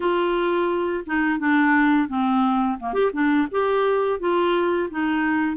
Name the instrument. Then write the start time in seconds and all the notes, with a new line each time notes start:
clarinet
0.00 F4
1.06 D#4
1.39 D4
2.08 C4
2.79 A#3
2.93 G4
3.12 D4
3.51 G4
4.19 F4
4.90 D#4